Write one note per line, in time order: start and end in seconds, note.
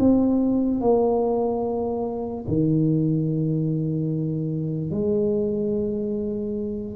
0.00 0.81 C4
0.81 2.45 A#3
2.48 4.91 D#3
4.91 6.96 G#3